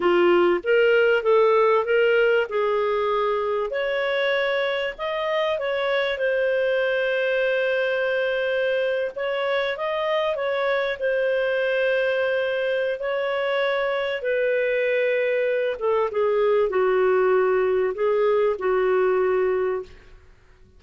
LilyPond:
\new Staff \with { instrumentName = "clarinet" } { \time 4/4 \tempo 4 = 97 f'4 ais'4 a'4 ais'4 | gis'2 cis''2 | dis''4 cis''4 c''2~ | c''2~ c''8. cis''4 dis''16~ |
dis''8. cis''4 c''2~ c''16~ | c''4 cis''2 b'4~ | b'4. a'8 gis'4 fis'4~ | fis'4 gis'4 fis'2 | }